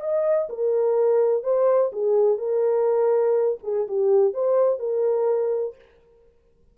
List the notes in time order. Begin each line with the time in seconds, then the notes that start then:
0.00 D#5
0.49 A#4
1.43 C5
1.92 G#4
2.38 A#4
3.63 G#4
3.87 G4
4.33 C5
4.79 A#4